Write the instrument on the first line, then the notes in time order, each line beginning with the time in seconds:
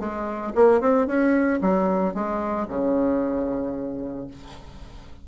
bassoon
0.00 G#3
0.56 A#3
0.81 C4
1.07 C#4
1.62 F#3
2.15 G#3
2.69 C#3